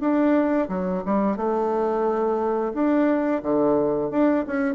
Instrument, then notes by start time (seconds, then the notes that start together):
bassoon
0.00 D4
0.69 F#3
1.05 G3
1.37 A3
2.74 D4
3.43 D3
4.11 D4
4.47 C#4